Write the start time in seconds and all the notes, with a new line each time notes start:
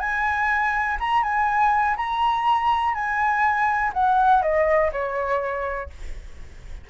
0.00 G#5
1.00 A#5
1.23 G#5
1.97 A#5
2.94 G#5
3.94 F#5
4.42 D#5
4.92 C#5